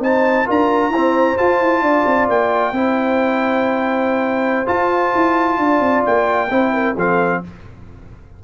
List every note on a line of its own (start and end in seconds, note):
0.00 0.45 C4
0.00 0.46 D#4
0.00 0.46 C5
0.00 0.49 A5
0.46 0.89 D4
0.46 0.91 F4
0.46 0.91 A#4
0.46 1.38 A#5
0.89 1.35 E4
0.89 1.84 C5
0.96 1.37 C4
1.37 2.74 F4
1.37 1.61 F4
1.37 2.29 A5
1.61 1.82 E4
1.82 2.05 D4
1.82 2.74 D5
2.07 2.29 C4
2.29 2.72 A#3
2.29 4.68 G5
2.72 4.66 C4
2.72 4.66 E4
2.72 5.59 C5
4.66 6.48 F4
4.66 5.14 F4
4.66 6.04 A5
5.15 5.58 E4
5.58 5.80 D4
5.58 6.51 D5
5.80 6.03 C4
6.06 6.51 A#3
6.06 6.97 G5
6.51 6.96 C4
6.51 6.96 E4
6.51 6.74 C5
6.74 6.95 A#4
6.95 7.42 F3
6.95 7.44 C4
6.95 7.41 A4
6.95 7.44 F5